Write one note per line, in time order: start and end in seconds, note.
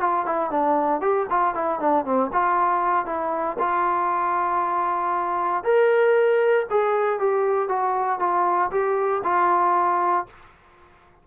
0.00 0.26 F4
0.26 0.50 E4
0.50 1.01 D4
1.01 1.27 G4
1.30 1.55 F4
1.55 1.80 E4
1.80 2.05 D4
2.05 2.30 C4
2.33 3.06 F4
3.06 3.57 E4
3.59 5.63 F4
5.63 6.66 A#4
6.70 7.19 G#4
7.19 7.69 G4
7.69 8.19 F#4
8.19 8.70 F4
8.71 9.22 G4
9.24 10.26 F4